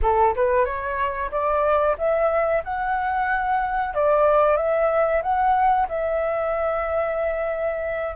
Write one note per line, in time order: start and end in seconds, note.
0.02 0.34 A4
0.35 0.65 B4
0.65 1.30 C#5
1.31 1.96 D5
1.97 2.63 E5
2.64 3.94 F#5
3.94 4.57 D5
4.57 5.22 E5
5.22 5.87 F#5
5.88 8.16 E5